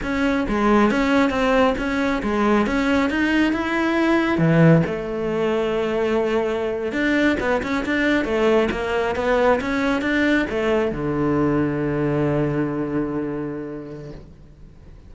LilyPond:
\new Staff \with { instrumentName = "cello" } { \time 4/4 \tempo 4 = 136 cis'4 gis4 cis'4 c'4 | cis'4 gis4 cis'4 dis'4 | e'2 e4 a4~ | a2.~ a8. d'16~ |
d'8. b8 cis'8 d'4 a4 ais16~ | ais8. b4 cis'4 d'4 a16~ | a8. d2.~ d16~ | d1 | }